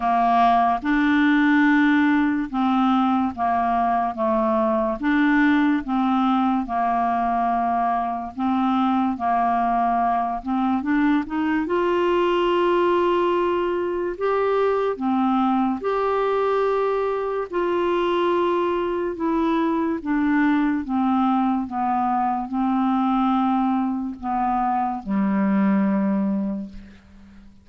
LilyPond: \new Staff \with { instrumentName = "clarinet" } { \time 4/4 \tempo 4 = 72 ais4 d'2 c'4 | ais4 a4 d'4 c'4 | ais2 c'4 ais4~ | ais8 c'8 d'8 dis'8 f'2~ |
f'4 g'4 c'4 g'4~ | g'4 f'2 e'4 | d'4 c'4 b4 c'4~ | c'4 b4 g2 | }